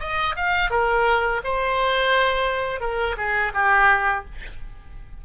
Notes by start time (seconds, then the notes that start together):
0.00 D#5
0.36 F5
0.71 A#4
1.44 C5
2.80 A#4
3.17 G#4
3.54 G4